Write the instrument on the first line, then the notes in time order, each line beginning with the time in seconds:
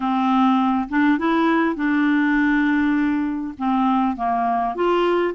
clarinet
0.00 C4
0.88 D4
1.18 E4
1.75 D4
3.58 C4
4.16 A#3
4.75 F4